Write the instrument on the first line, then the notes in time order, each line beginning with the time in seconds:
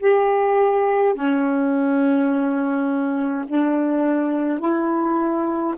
saxophone
0.00 G4
1.14 C#4
3.48 D4
4.59 E4